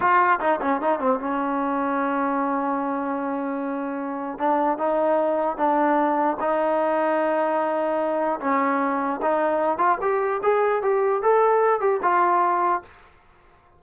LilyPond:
\new Staff \with { instrumentName = "trombone" } { \time 4/4 \tempo 4 = 150 f'4 dis'8 cis'8 dis'8 c'8 cis'4~ | cis'1~ | cis'2. d'4 | dis'2 d'2 |
dis'1~ | dis'4 cis'2 dis'4~ | dis'8 f'8 g'4 gis'4 g'4 | a'4. g'8 f'2 | }